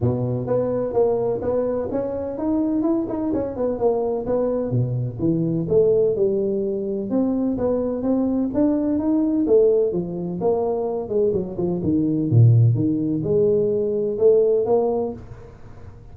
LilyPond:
\new Staff \with { instrumentName = "tuba" } { \time 4/4 \tempo 4 = 127 b,4 b4 ais4 b4 | cis'4 dis'4 e'8 dis'8 cis'8 b8 | ais4 b4 b,4 e4 | a4 g2 c'4 |
b4 c'4 d'4 dis'4 | a4 f4 ais4. gis8 | fis8 f8 dis4 ais,4 dis4 | gis2 a4 ais4 | }